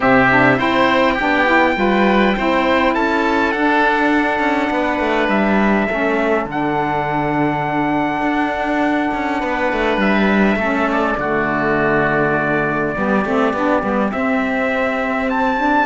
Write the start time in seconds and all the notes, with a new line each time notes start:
0.00 C3 C4 G4 E5
0.30 D4
0.57 C4 E4 C5 G5
1.14 D4 G4
1.21 B3
1.45 E4
1.74 G3 F4 B4
2.35 C4 E4 C5
2.94 C#4 A4 A5
3.51 D4 F#5
4.39 C#4
4.70 B3 B4
4.99 A3
5.28 G3 E5
5.87 A3 C#4 A4
6.45 D3 D4 F#5
8.21 D4
9.14 C#4
9.39 B3 B4
9.72 A3
9.97 G3 E5
10.56 A3 C#4 A4
10.91 D5
11.18 D3 A3 F#4
12.94 G3 B3 G4
13.25 A3 C4
13.53 B3 D4
13.81 G3 B3
14.11 C4 E5
15.29 A5
15.57 D4